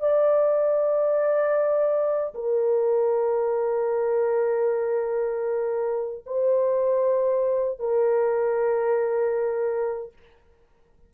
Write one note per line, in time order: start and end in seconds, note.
0.00 2.34 D5
2.34 6.24 A#4
6.26 7.79 C5
7.79 10.13 A#4